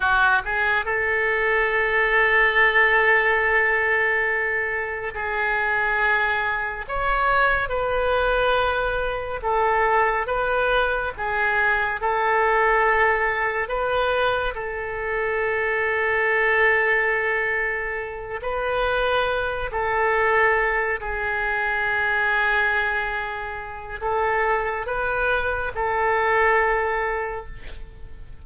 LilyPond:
\new Staff \with { instrumentName = "oboe" } { \time 4/4 \tempo 4 = 70 fis'8 gis'8 a'2.~ | a'2 gis'2 | cis''4 b'2 a'4 | b'4 gis'4 a'2 |
b'4 a'2.~ | a'4. b'4. a'4~ | a'8 gis'2.~ gis'8 | a'4 b'4 a'2 | }